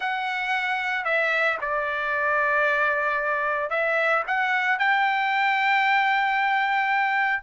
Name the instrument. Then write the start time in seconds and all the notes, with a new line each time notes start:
trumpet
0.00 F#5
1.05 E5
1.61 D5
3.70 E5
4.27 F#5
4.78 G5